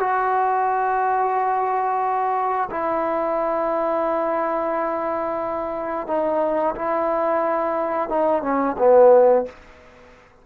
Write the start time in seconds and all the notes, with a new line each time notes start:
0.00 F#4
2.71 E4
6.08 D#4
6.76 E4
8.09 D#4
8.43 C#4
8.79 B3